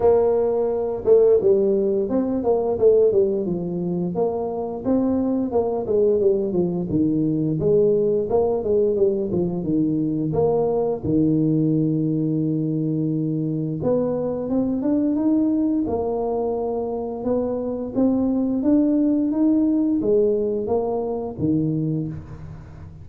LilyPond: \new Staff \with { instrumentName = "tuba" } { \time 4/4 \tempo 4 = 87 ais4. a8 g4 c'8 ais8 | a8 g8 f4 ais4 c'4 | ais8 gis8 g8 f8 dis4 gis4 | ais8 gis8 g8 f8 dis4 ais4 |
dis1 | b4 c'8 d'8 dis'4 ais4~ | ais4 b4 c'4 d'4 | dis'4 gis4 ais4 dis4 | }